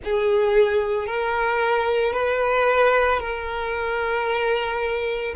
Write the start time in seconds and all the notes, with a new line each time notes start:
0.04 G#4
1.07 A#4
2.13 B4
3.19 A#4